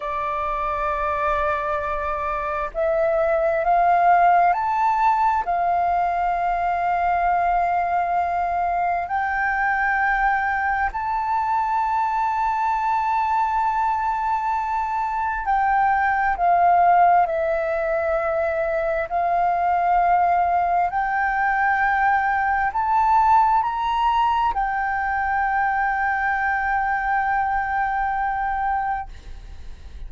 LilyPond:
\new Staff \with { instrumentName = "flute" } { \time 4/4 \tempo 4 = 66 d''2. e''4 | f''4 a''4 f''2~ | f''2 g''2 | a''1~ |
a''4 g''4 f''4 e''4~ | e''4 f''2 g''4~ | g''4 a''4 ais''4 g''4~ | g''1 | }